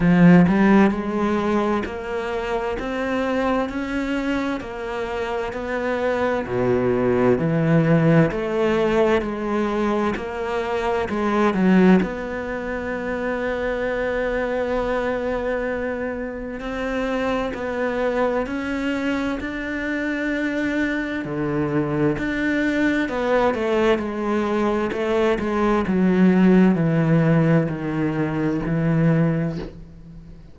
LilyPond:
\new Staff \with { instrumentName = "cello" } { \time 4/4 \tempo 4 = 65 f8 g8 gis4 ais4 c'4 | cis'4 ais4 b4 b,4 | e4 a4 gis4 ais4 | gis8 fis8 b2.~ |
b2 c'4 b4 | cis'4 d'2 d4 | d'4 b8 a8 gis4 a8 gis8 | fis4 e4 dis4 e4 | }